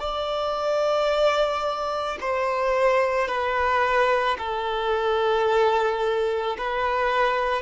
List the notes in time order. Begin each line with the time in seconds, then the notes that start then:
0.00 D5
2.21 C5
3.28 B4
4.38 A4
6.58 B4